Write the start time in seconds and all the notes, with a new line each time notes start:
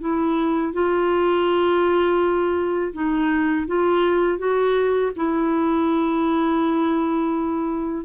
0.00 E4
0.73 F4
2.93 D#4
3.67 F4
4.38 F#4
5.16 E4